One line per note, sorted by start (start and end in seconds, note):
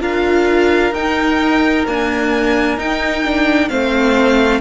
0.00 0.92 D4
0.00 0.92 F4
0.00 3.70 A#4
0.00 0.93 F5
0.92 1.84 D#4
0.92 1.86 D#4
0.92 1.86 G5
1.86 2.77 A#3
1.86 2.77 D4
1.86 2.78 G#5
2.77 3.23 D#4
2.77 3.70 D#4
2.77 3.68 G5
3.24 3.69 D4
3.68 4.61 A3
3.68 4.61 C4
3.68 4.61 C5
3.68 4.60 F5